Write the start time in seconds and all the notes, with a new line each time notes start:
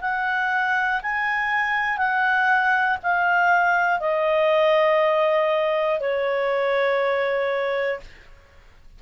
0.00 F#5
1.02 G#5
1.97 F#5
3.03 F5
4.00 D#5
6.00 C#5